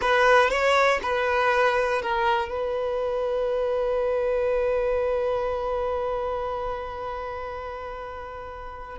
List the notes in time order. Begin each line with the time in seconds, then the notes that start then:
0.01 B4
0.50 C#5
1.02 B4
2.02 A#4
2.48 B4